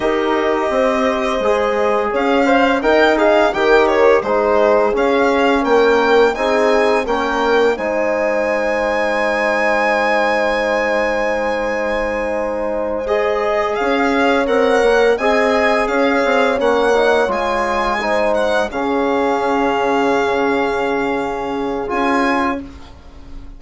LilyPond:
<<
  \new Staff \with { instrumentName = "violin" } { \time 4/4 \tempo 4 = 85 dis''2. f''4 | g''8 f''8 g''8 cis''8 c''4 f''4 | g''4 gis''4 g''4 gis''4~ | gis''1~ |
gis''2~ gis''8 dis''4 f''8~ | f''8 fis''4 gis''4 f''4 fis''8~ | fis''8 gis''4. fis''8 f''4.~ | f''2. gis''4 | }
  \new Staff \with { instrumentName = "horn" } { \time 4/4 ais'4 c''2 cis''8 f''8 | dis''4 ais'4 gis'2 | ais'4 gis'4 ais'4 c''4~ | c''1~ |
c''2.~ c''8 cis''8~ | cis''4. dis''4 cis''4.~ | cis''4. c''4 gis'4.~ | gis'1 | }
  \new Staff \with { instrumentName = "trombone" } { \time 4/4 g'2 gis'4. c''8 | ais'8 gis'8 g'4 dis'4 cis'4~ | cis'4 dis'4 cis'4 dis'4~ | dis'1~ |
dis'2~ dis'8 gis'4.~ | gis'8 ais'4 gis'2 cis'8 | dis'8 f'4 dis'4 cis'4.~ | cis'2. f'4 | }
  \new Staff \with { instrumentName = "bassoon" } { \time 4/4 dis'4 c'4 gis4 cis'4 | dis'4 dis4 gis4 cis'4 | ais4 c'4 ais4 gis4~ | gis1~ |
gis2.~ gis8 cis'8~ | cis'8 c'8 ais8 c'4 cis'8 c'8 ais8~ | ais8 gis2 cis4.~ | cis2. cis'4 | }
>>